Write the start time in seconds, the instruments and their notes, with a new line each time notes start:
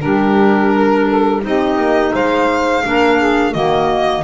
0.00 double bass G3, clarinet D4, saxophone G4, violin A#4
0.73 saxophone A#4
1.07 saxophone A4
1.41 double bass C4, clarinet D#4, saxophone G4, violin D#5
1.77 double bass A#3
2.13 double bass G#3, saxophone C5, violin F5
2.85 double bass A#3, clarinet D4, saxophone A#4
3.19 saxophone G#4
3.52 double bass D#3, clarinet A#3, saxophone F#4, violin D#5